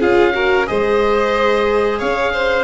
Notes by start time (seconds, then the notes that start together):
0.00 C#4 F4 G#4 F5
0.33 F#4 A#4
0.67 G#3 G#4 C5 D#5
1.99 C#4 C#5 F5
2.33 C5